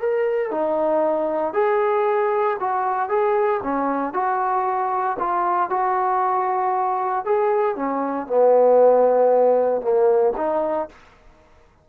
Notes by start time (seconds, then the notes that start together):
0.00 A#4
0.51 D#4
1.54 G#4
2.60 F#4
3.09 G#4
3.63 C#4
4.14 F#4
5.19 F4
5.70 F#4
7.25 G#4
7.76 C#4
8.27 B3
9.82 A#3
10.37 D#4